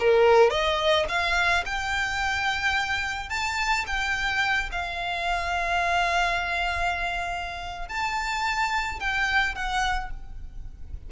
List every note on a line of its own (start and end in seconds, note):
0.00 0.51 A#4
0.51 1.06 D#5
1.09 1.64 F5
1.66 3.30 G5
3.30 3.85 A5
3.87 4.70 G5
4.72 7.89 F5
7.89 9.00 A5
9.00 9.55 G5
9.55 10.11 F#5